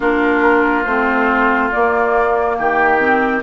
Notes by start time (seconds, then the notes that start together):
0.00 A#3 D4 F4 A#4
0.83 A3 C4 C5
1.71 A#3 D5
2.58 D#3 G4 G5
2.99 C4